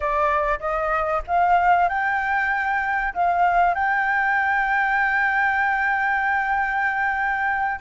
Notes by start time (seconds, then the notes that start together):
0.00 D5
0.59 D#5
1.27 F5
1.88 G5
3.14 F5
3.74 G5